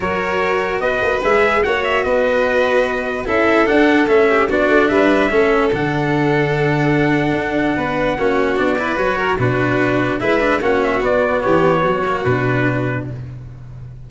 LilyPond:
<<
  \new Staff \with { instrumentName = "trumpet" } { \time 4/4 \tempo 4 = 147 cis''2 dis''4 e''4 | fis''8 e''8 dis''2. | e''4 fis''4 e''4 d''4 | e''2 fis''2~ |
fis''1~ | fis''4 d''4 cis''4 b'4~ | b'4 e''4 fis''8 e''8 d''4 | cis''2 b'2 | }
  \new Staff \with { instrumentName = "violin" } { \time 4/4 ais'2 b'2 | cis''4 b'2. | a'2~ a'8 g'8 fis'4 | b'4 a'2.~ |
a'2. b'4 | fis'4. b'4 ais'8 fis'4~ | fis'4 b'4 fis'2 | g'4 fis'2. | }
  \new Staff \with { instrumentName = "cello" } { \time 4/4 fis'2. gis'4 | fis'1 | e'4 d'4 cis'4 d'4~ | d'4 cis'4 d'2~ |
d'1 | cis'4 d'8 e'8 fis'4 d'4~ | d'4 e'8 d'8 cis'4 b4~ | b4. ais8 d'2 | }
  \new Staff \with { instrumentName = "tuba" } { \time 4/4 fis2 b8 ais8 gis4 | ais4 b2. | cis'4 d'4 a4 b8 a8 | g4 a4 d2~ |
d2 d'4 b4 | ais4 b4 fis4 b,4~ | b,4 gis4 ais4 b4 | e4 fis4 b,2 | }
>>